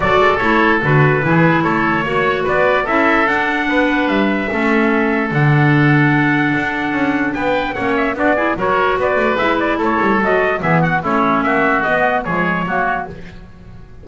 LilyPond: <<
  \new Staff \with { instrumentName = "trumpet" } { \time 4/4 \tempo 4 = 147 d''4 cis''4 b'2 | cis''2 d''4 e''4 | fis''2 e''2~ | e''4 fis''2.~ |
fis''2 g''4 fis''8 e''8 | d''4 cis''4 d''4 e''8 d''8 | cis''4 dis''4 e''8 fis''8 cis''4 | e''4 dis''4 cis''2 | }
  \new Staff \with { instrumentName = "oboe" } { \time 4/4 a'2. gis'4 | a'4 cis''4 b'4 a'4~ | a'4 b'2 a'4~ | a'1~ |
a'2 b'4 cis''4 | fis'8 gis'8 ais'4 b'2 | a'2 gis'8 fis'8 e'4 | fis'2 gis'4 fis'4 | }
  \new Staff \with { instrumentName = "clarinet" } { \time 4/4 fis'4 e'4 fis'4 e'4~ | e'4 fis'2 e'4 | d'2. cis'4~ | cis'4 d'2.~ |
d'2. cis'4 | d'8 e'8 fis'2 e'4~ | e'4 fis'4 b4 cis'4~ | cis'4 b4 gis4 ais4 | }
  \new Staff \with { instrumentName = "double bass" } { \time 4/4 fis8 gis8 a4 d4 e4 | a4 ais4 b4 cis'4 | d'4 b4 g4 a4~ | a4 d2. |
d'4 cis'4 b4 ais4 | b4 fis4 b8 a8 gis4 | a8 g8 fis4 e4 a4 | ais4 b4 f4 fis4 | }
>>